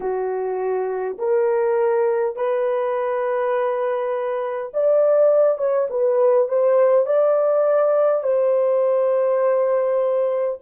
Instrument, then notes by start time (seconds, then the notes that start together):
horn
0.00 F#4
1.18 A#4
2.36 B4
4.73 D5
5.58 C#5
5.90 B4
6.48 C5
7.06 D5
8.23 C5